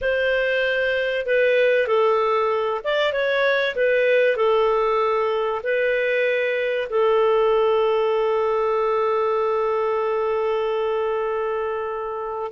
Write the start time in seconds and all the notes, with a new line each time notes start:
0.01 C5
1.26 B4
1.87 A4
2.84 D5
3.12 C#5
3.75 B4
4.36 A4
5.63 B4
6.89 A4